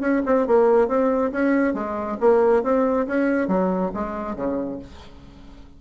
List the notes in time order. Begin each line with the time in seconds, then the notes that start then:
0.00 C#4
0.25 C4
0.47 A#3
0.88 C4
1.32 C#4
1.74 G#3
2.20 A#3
2.63 C4
3.07 C#4
3.47 F#3
3.93 G#3
4.35 C#3